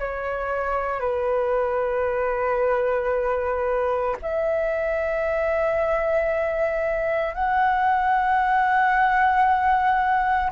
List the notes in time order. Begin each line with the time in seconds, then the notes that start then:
0.00 C#5
1.00 B4
4.22 E5
7.35 F#5